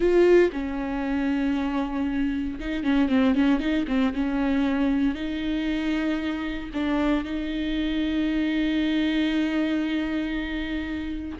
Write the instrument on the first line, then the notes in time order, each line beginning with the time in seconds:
viola
0.00 F4
0.52 C#4
2.59 D#4
2.83 C#4
3.08 C4
3.35 C#4
3.59 D#4
3.87 C4
4.13 C#4
5.14 D#4
6.73 D4
7.24 D#4